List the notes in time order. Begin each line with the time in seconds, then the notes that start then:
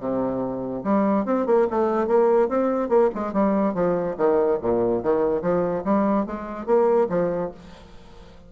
0.00 C3
0.84 G3
1.26 C4
1.46 A#3
1.70 A3
2.07 A#3
2.48 C4
2.89 A#3
3.15 G#3
3.33 G3
3.74 F3
4.17 D#3
4.62 A#2
5.03 D#3
5.42 F3
5.85 G3
6.26 G#3
6.66 A#3
7.09 F3